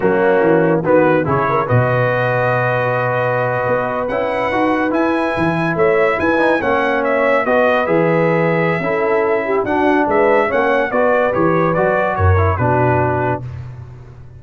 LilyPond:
<<
  \new Staff \with { instrumentName = "trumpet" } { \time 4/4 \tempo 4 = 143 fis'2 b'4 cis''4 | dis''1~ | dis''4.~ dis''16 fis''2 gis''16~ | gis''4.~ gis''16 e''4 gis''4 fis''16~ |
fis''8. e''4 dis''4 e''4~ e''16~ | e''2. fis''4 | e''4 fis''4 d''4 cis''4 | d''4 cis''4 b'2 | }
  \new Staff \with { instrumentName = "horn" } { \time 4/4 cis'2 fis'4 gis'8 ais'8 | b'1~ | b'1~ | b'4.~ b'16 cis''4 b'4 cis''16~ |
cis''4.~ cis''16 b'2~ b'16~ | b'4 a'4. g'8 fis'4 | b'4 cis''4 b'2~ | b'4 ais'4 fis'2 | }
  \new Staff \with { instrumentName = "trombone" } { \time 4/4 ais2 b4 e'4 | fis'1~ | fis'4.~ fis'16 e'4 fis'4 e'16~ | e'2.~ e'16 dis'8 cis'16~ |
cis'4.~ cis'16 fis'4 gis'4~ gis'16~ | gis'4 e'2 d'4~ | d'4 cis'4 fis'4 g'4 | fis'4. e'8 d'2 | }
  \new Staff \with { instrumentName = "tuba" } { \time 4/4 fis4 e4 dis4 cis4 | b,1~ | b,8. b4 cis'4 dis'4 e'16~ | e'8. e4 a4 e'4 ais16~ |
ais4.~ ais16 b4 e4~ e16~ | e4 cis'2 d'4 | gis4 ais4 b4 e4 | fis4 fis,4 b,2 | }
>>